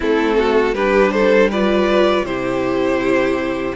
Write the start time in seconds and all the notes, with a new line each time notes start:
0.00 A3 C4 E4 A4
0.38 F#4
0.72 G3 D4 G4 B4
1.11 A4 C5
1.50 F4 B4 D5
2.22 C3 E4 G4 C5